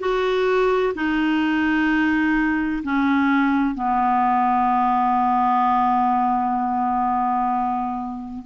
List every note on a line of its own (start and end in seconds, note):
0.00 0.94 F#4
0.95 2.83 D#4
2.83 3.75 C#4
3.75 8.43 B3